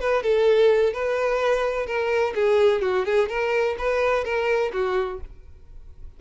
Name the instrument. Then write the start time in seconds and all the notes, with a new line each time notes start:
violin
0.00 B4
0.23 A4
0.93 B4
1.86 A#4
2.35 G#4
2.82 F#4
3.05 G#4
3.29 A#4
3.78 B4
4.24 A#4
4.73 F#4